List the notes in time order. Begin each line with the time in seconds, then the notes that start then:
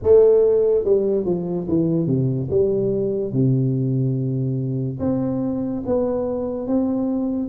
0.02 A3
0.84 G3
1.25 F3
1.68 E3
2.06 C3
2.50 G3
3.32 C3
4.99 C4
5.85 B3
6.67 C4